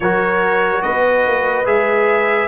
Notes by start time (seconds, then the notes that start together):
0.00 F#3 F#4 A#4 C#5
0.82 B3 B4 D#5
1.26 A#3
1.65 G#3 G#4 E5